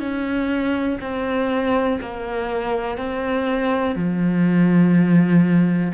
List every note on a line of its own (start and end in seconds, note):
0.00 0.98 C#4
1.01 1.99 C4
2.01 2.97 A#3
2.97 3.96 C4
3.96 5.92 F3